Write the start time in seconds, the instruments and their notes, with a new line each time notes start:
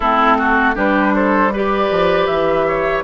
0.00 bassoon A3, clarinet C4, oboe E4, flute A4
0.37 oboe F#4
0.74 bassoon G3, clarinet D4, oboe G4, flute B4
1.14 oboe A4, flute C5
1.53 clarinet G4, oboe B4, flute D5
1.90 bassoon F3
2.26 bassoon E3, flute E5
2.67 oboe C#5